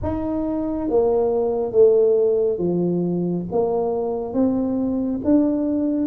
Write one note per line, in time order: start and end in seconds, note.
0.02 0.89 D#4
0.89 1.72 A#3
1.72 2.58 A3
2.58 3.45 F3
3.51 4.33 A#3
4.33 5.20 C4
5.24 6.07 D4